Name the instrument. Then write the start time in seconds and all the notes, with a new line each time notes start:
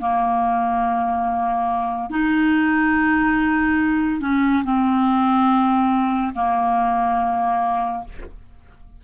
clarinet
0.00 A#3
2.10 D#4
4.21 C#4
4.64 C4
6.35 A#3